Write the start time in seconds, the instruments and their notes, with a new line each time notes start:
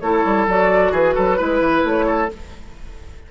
0.00 bassoon A3, clarinet E4, oboe A4, flute C#5
0.25 bassoon G3
0.47 bassoon F#3, clarinet F#4, flute D5
0.91 bassoon E3, oboe G#4, flute B4
1.15 bassoon F#3, oboe A4
1.37 bassoon G#3, clarinet E4, oboe B4
1.60 bassoon E3
1.84 bassoon A3, flute C#5
2.07 oboe A4